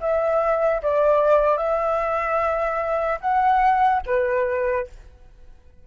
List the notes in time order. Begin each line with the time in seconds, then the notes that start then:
0.00 E5
0.82 D5
1.57 E5
3.20 F#5
4.06 B4